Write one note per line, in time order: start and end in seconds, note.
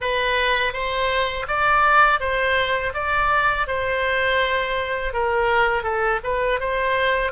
0.00 0.73 B4
0.73 1.46 C5
1.47 2.20 D5
2.20 2.93 C5
2.94 3.67 D5
3.67 5.13 C5
5.13 5.83 A#4
5.83 6.19 A4
6.23 6.60 B4
6.60 7.32 C5